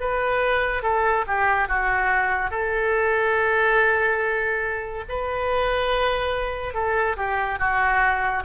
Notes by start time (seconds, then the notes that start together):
0.00 B4
0.83 A4
1.27 G4
1.69 F#4
2.51 A4
5.09 B4
6.74 A4
7.17 G4
7.59 F#4